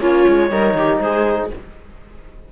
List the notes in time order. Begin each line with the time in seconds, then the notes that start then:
0.00 A#3 C#4 F4 C#5
0.28 G#3
0.51 G3 D#4 A#4
0.75 D#3 G4
0.99 G#3 G#4 C5